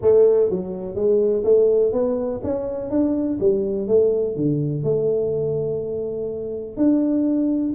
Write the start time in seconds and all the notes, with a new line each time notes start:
0.01 A3
0.50 F#3
0.95 G#3
1.44 A3
1.92 B3
2.43 C#4
2.90 D4
3.40 G3
3.87 A3
4.35 D3
4.83 A3
6.77 D4